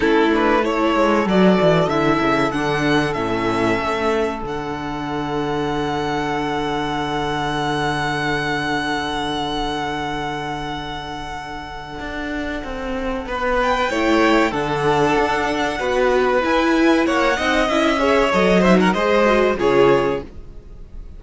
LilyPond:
<<
  \new Staff \with { instrumentName = "violin" } { \time 4/4 \tempo 4 = 95 a'8 b'8 cis''4 d''4 e''4 | fis''4 e''2 fis''4~ | fis''1~ | fis''1~ |
fis''1~ | fis''4. g''4. fis''4~ | fis''2 gis''4 fis''4 | e''4 dis''8 e''16 fis''16 dis''4 cis''4 | }
  \new Staff \with { instrumentName = "violin" } { \time 4/4 e'4 a'2.~ | a'1~ | a'1~ | a'1~ |
a'1~ | a'4 b'4 cis''4 a'4~ | a'4 b'2 cis''8 dis''8~ | dis''8 cis''4 c''16 ais'16 c''4 gis'4 | }
  \new Staff \with { instrumentName = "viola" } { \time 4/4 cis'8 d'8 e'4 fis'4 e'4 | d'4 cis'2 d'4~ | d'1~ | d'1~ |
d'1~ | d'2 e'4 d'4~ | d'4 fis'4 e'4. dis'8 | e'8 gis'8 a'8 dis'8 gis'8 fis'8 f'4 | }
  \new Staff \with { instrumentName = "cello" } { \time 4/4 a4. gis8 fis8 e8 d8 cis8 | d4 a,4 a4 d4~ | d1~ | d1~ |
d2. d'4 | c'4 b4 a4 d4 | d'4 b4 e'4 ais8 c'8 | cis'4 fis4 gis4 cis4 | }
>>